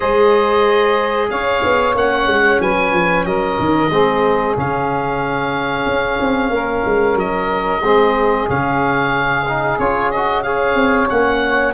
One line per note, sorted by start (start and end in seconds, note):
0.00 1.30 G#3
0.00 1.94 G#4
0.00 1.28 C5
0.00 1.30 D#5
1.30 1.62 C#4
1.30 2.61 C#5
1.30 1.95 F5
1.63 1.94 B3
1.94 2.26 A#3
1.94 3.90 C#4
1.94 2.61 F#5
2.26 2.58 G#3
2.60 2.92 F#3
2.60 3.26 B4
2.60 3.25 G#5
2.92 3.25 F3
3.25 3.58 F#3
3.25 3.90 A#4
3.25 4.56 D#5
3.59 3.90 D#3
3.90 4.55 G#3
3.90 4.56 C4
3.90 6.51 G#4
4.56 5.85 C#3
4.56 7.82 C#4
4.56 7.18 F5
5.85 6.18 C#4
6.20 6.49 C4
6.49 6.82 A#3
6.49 7.82 A#4
6.85 7.14 G#3
7.14 7.79 F#3
7.14 8.49 D#5
7.82 8.48 G#3
7.82 8.47 C4
7.82 10.43 G#4
8.47 9.78 C#3
8.47 9.45 C#4
8.47 9.78 F5
9.48 9.80 D#4
9.78 10.75 C#4
9.78 10.12 F4
9.78 10.11 C#5
10.11 10.45 F#4
10.11 10.43 D#5
10.43 11.09 G#4
10.43 11.74 C#5
10.43 11.08 F5
10.75 11.07 C4
11.09 11.74 A#3
11.09 11.74 C#4
11.09 11.74 F#5